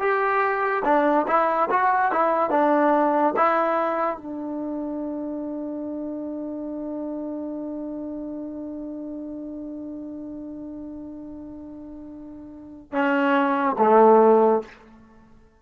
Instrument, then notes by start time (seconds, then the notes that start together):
trombone
0.00 G4
0.85 D4
1.28 E4
1.71 F#4
2.12 E4
2.51 D4
3.37 E4
4.17 D4
12.93 C#4
13.79 A3